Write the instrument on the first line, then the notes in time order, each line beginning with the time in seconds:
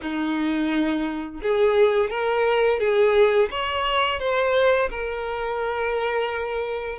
violin
0.01 D#4
1.41 G#4
2.10 A#4
2.79 G#4
3.50 C#5
4.19 C5
4.90 A#4